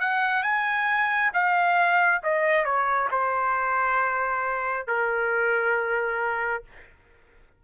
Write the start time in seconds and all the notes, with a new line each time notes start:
0.00 F#5
0.43 G#5
1.33 F5
2.23 D#5
2.65 C#5
3.11 C5
4.87 A#4